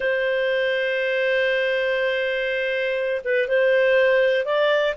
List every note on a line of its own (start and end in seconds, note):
0.00 3.21 C5
3.24 3.48 B4
3.48 4.45 C5
4.45 4.95 D5